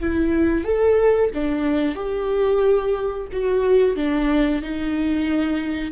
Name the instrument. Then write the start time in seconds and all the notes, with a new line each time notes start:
viola
0.00 E4
0.64 A4
1.34 D4
1.95 G4
3.33 F#4
3.97 D4
4.62 D#4